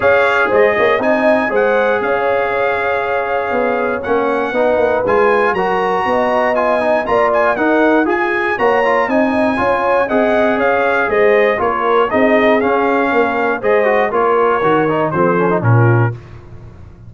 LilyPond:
<<
  \new Staff \with { instrumentName = "trumpet" } { \time 4/4 \tempo 4 = 119 f''4 dis''4 gis''4 fis''4 | f''1 | fis''2 gis''4 ais''4~ | ais''4 gis''4 ais''8 gis''8 fis''4 |
gis''4 ais''4 gis''2 | fis''4 f''4 dis''4 cis''4 | dis''4 f''2 dis''4 | cis''2 c''4 ais'4 | }
  \new Staff \with { instrumentName = "horn" } { \time 4/4 cis''4 c''8 cis''8 dis''4 c''4 | cis''1~ | cis''4 b'2 ais'4 | dis''2 d''4 ais'4 |
gis'4 cis''4 dis''4 cis''4 | dis''4 cis''4 c''4 ais'4 | gis'2 ais'4 c''4 | ais'2 a'4 f'4 | }
  \new Staff \with { instrumentName = "trombone" } { \time 4/4 gis'2 dis'4 gis'4~ | gis'1 | cis'4 dis'4 f'4 fis'4~ | fis'4 f'8 dis'8 f'4 dis'4 |
gis'4 fis'8 f'8 dis'4 f'4 | gis'2. f'4 | dis'4 cis'2 gis'8 fis'8 | f'4 fis'8 dis'8 c'8 cis'16 dis'16 cis'4 | }
  \new Staff \with { instrumentName = "tuba" } { \time 4/4 cis'4 gis8 ais8 c'4 gis4 | cis'2. b4 | ais4 b8 ais8 gis4 fis4 | b2 ais4 dis'4 |
f'4 ais4 c'4 cis'4 | c'4 cis'4 gis4 ais4 | c'4 cis'4 ais4 gis4 | ais4 dis4 f4 ais,4 | }
>>